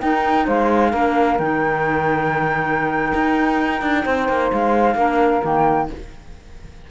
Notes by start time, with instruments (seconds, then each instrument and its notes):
0.00 clarinet D#4, cello D#4, saxophone A#4, flute G5
0.45 cello G#3, saxophone C5, flute F5
0.90 cello A#3, clarinet D4, saxophone A#4
1.39 cello D#3, clarinet D#4, flute G5
3.15 cello D#4
3.82 cello D4
4.04 cello C4, saxophone C5
4.29 cello A#3
4.52 cello G#3, flute F5
4.95 cello A#3, clarinet D4, saxophone A#4
5.41 cello D#3, clarinet A#3, flute G5